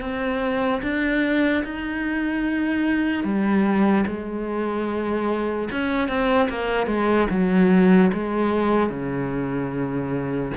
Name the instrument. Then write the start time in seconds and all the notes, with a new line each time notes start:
cello
0.00 C4
0.82 D4
1.64 D#4
3.24 G3
4.07 G#3
5.71 C#4
6.08 C4
6.49 A#3
6.87 G#3
7.30 F#3
8.13 G#3
8.90 C#3